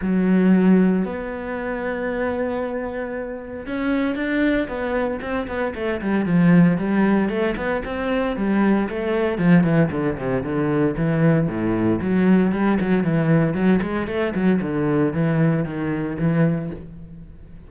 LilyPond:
\new Staff \with { instrumentName = "cello" } { \time 4/4 \tempo 4 = 115 fis2 b2~ | b2. cis'4 | d'4 b4 c'8 b8 a8 g8 | f4 g4 a8 b8 c'4 |
g4 a4 f8 e8 d8 c8 | d4 e4 a,4 fis4 | g8 fis8 e4 fis8 gis8 a8 fis8 | d4 e4 dis4 e4 | }